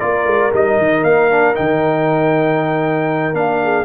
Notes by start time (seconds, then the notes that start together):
0.00 A#3 F4 A#4 D5
0.27 G#3
0.54 G3 D#4 D#5
0.78 D#3
1.04 A#3 F5
1.31 D4
1.55 D#3 D#4 G5
3.34 A#3 D4 F5
3.63 G#4